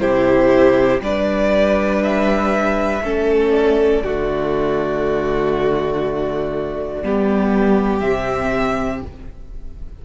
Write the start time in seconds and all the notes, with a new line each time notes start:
0.00 C3 E4 G4 C5
1.01 G3 D4 B4 D5
2.03 E5
3.02 A3 C#4 A4
3.51 D5
4.04 D3 A3 F#4
7.03 G3 B3 G4
8.00 C3 C4 E5